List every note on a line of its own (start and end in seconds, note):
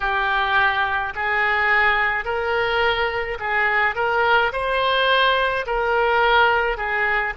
0.00 1.13 G4
1.15 2.24 G#4
2.24 3.38 A#4
3.39 3.95 G#4
3.95 4.51 A#4
4.52 5.66 C5
5.66 6.77 A#4
6.77 7.33 G#4